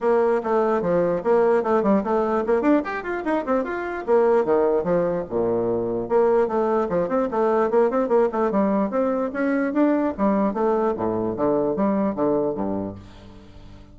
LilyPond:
\new Staff \with { instrumentName = "bassoon" } { \time 4/4 \tempo 4 = 148 ais4 a4 f4 ais4 | a8 g8 a4 ais8 d'8 g'8 f'8 | dis'8 c'8 f'4 ais4 dis4 | f4 ais,2 ais4 |
a4 f8 c'8 a4 ais8 c'8 | ais8 a8 g4 c'4 cis'4 | d'4 g4 a4 a,4 | d4 g4 d4 g,4 | }